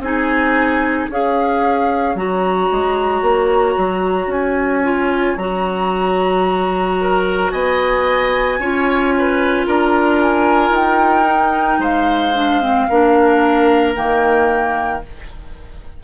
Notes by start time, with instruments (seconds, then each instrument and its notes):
0.00 bassoon C4, clarinet D#4, oboe G#4, flute G#5
1.10 bassoon C#4, clarinet G#4, oboe C#5, flute F5
2.15 bassoon F#3, clarinet F#4, flute A#5
2.72 bassoon G#3
3.22 bassoon A#3
3.77 bassoon F#3
4.27 bassoon C#4, flute G#5
4.83 clarinet F4
5.37 bassoon F#3, clarinet F#4, flute A#5
7.01 oboe A#4
7.51 bassoon B3, oboe D#5, flute G#5
8.59 bassoon C#4, clarinet F4, oboe C#5
9.19 oboe B4
9.67 bassoon D4, oboe A#4, flute A#5
10.22 flute G#5
10.70 bassoon D#4, flute G5
11.26 clarinet D#4
11.79 bassoon G#3, oboe C5, flute F5
12.35 clarinet D4
12.62 clarinet C4
12.90 bassoon A#3, clarinet D4, oboe A#4
13.96 bassoon D#3, clarinet A#3, flute G5